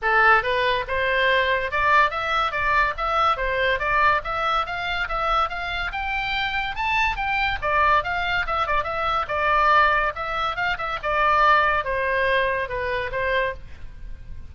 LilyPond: \new Staff \with { instrumentName = "oboe" } { \time 4/4 \tempo 4 = 142 a'4 b'4 c''2 | d''4 e''4 d''4 e''4 | c''4 d''4 e''4 f''4 | e''4 f''4 g''2 |
a''4 g''4 d''4 f''4 | e''8 d''8 e''4 d''2 | e''4 f''8 e''8 d''2 | c''2 b'4 c''4 | }